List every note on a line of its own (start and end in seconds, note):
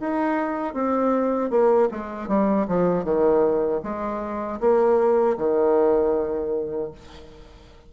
0.00 0.73 D#4
0.73 1.50 C4
1.50 1.88 A#3
1.91 2.28 G#3
2.28 2.66 G3
2.67 3.04 F3
3.04 3.81 D#3
3.83 4.59 G#3
4.60 5.37 A#3
5.37 6.91 D#3